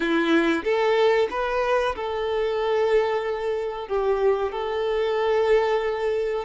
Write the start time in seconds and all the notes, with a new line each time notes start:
0.00 E4
0.64 A4
1.30 B4
1.95 A4
3.88 G4
4.52 A4